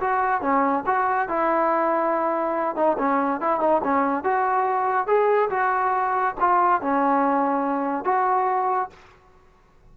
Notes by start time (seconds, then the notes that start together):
0.00 F#4
0.41 C#4
0.86 F#4
1.28 E4
2.75 D#4
2.98 C#4
3.40 E4
3.60 D#4
3.84 C#4
4.24 F#4
5.07 G#4
5.50 F#4
6.40 F4
6.81 C#4
8.04 F#4